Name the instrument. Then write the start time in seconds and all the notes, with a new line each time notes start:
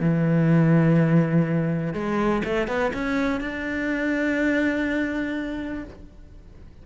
cello
0.00 E3
1.94 G#3
2.44 A3
2.68 B3
2.94 C#4
3.40 D4